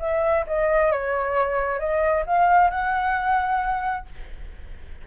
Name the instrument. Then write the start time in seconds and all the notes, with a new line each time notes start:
flute
0.00 E5
0.47 D#5
0.92 C#5
1.80 D#5
2.27 F5
2.71 F#5